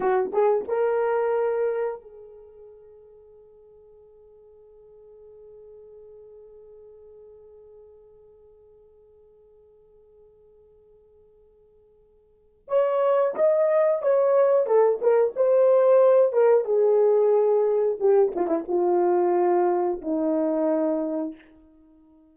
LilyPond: \new Staff \with { instrumentName = "horn" } { \time 4/4 \tempo 4 = 90 fis'8 gis'8 ais'2 gis'4~ | gis'1~ | gis'1~ | gis'1~ |
gis'2. cis''4 | dis''4 cis''4 a'8 ais'8 c''4~ | c''8 ais'8 gis'2 g'8 f'16 e'16 | f'2 dis'2 | }